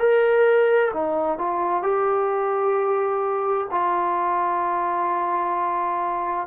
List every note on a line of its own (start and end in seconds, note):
0.00 0.92 A#4
0.94 1.38 D#4
1.38 1.83 F4
1.83 3.68 G4
3.71 6.47 F4